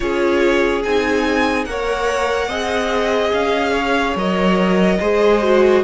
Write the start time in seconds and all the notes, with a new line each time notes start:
0.00 C#4 F4 G#4 C#5
0.83 C4 D#4 G#5
1.64 A#3 A#4 C#5 F#5
2.48 C4 G#4 D#5
3.32 C#4 F5
3.72 C#5
4.15 F#3 A#4 D#5
5.00 G#3 G#4 C5
5.42 F#4